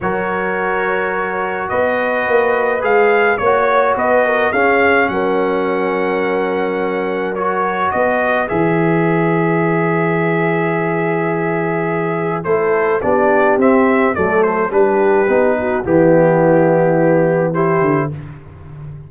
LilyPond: <<
  \new Staff \with { instrumentName = "trumpet" } { \time 4/4 \tempo 4 = 106 cis''2. dis''4~ | dis''4 f''4 cis''4 dis''4 | f''4 fis''2.~ | fis''4 cis''4 dis''4 e''4~ |
e''1~ | e''2 c''4 d''4 | e''4 d''8 c''8 b'2 | g'2. c''4 | }
  \new Staff \with { instrumentName = "horn" } { \time 4/4 ais'2. b'4~ | b'2 cis''4 b'8 ais'8 | gis'4 ais'2.~ | ais'2 b'2~ |
b'1~ | b'2 a'4 g'4~ | g'4 a'4 g'4. fis'8 | e'2. g'4 | }
  \new Staff \with { instrumentName = "trombone" } { \time 4/4 fis'1~ | fis'4 gis'4 fis'2 | cis'1~ | cis'4 fis'2 gis'4~ |
gis'1~ | gis'2 e'4 d'4 | c'4 a4 d'4 dis'4 | b2. e'4 | }
  \new Staff \with { instrumentName = "tuba" } { \time 4/4 fis2. b4 | ais4 gis4 ais4 b4 | cis'4 fis2.~ | fis2 b4 e4~ |
e1~ | e2 a4 b4 | c'4 fis4 g4 b4 | e2.~ e8 d8 | }
>>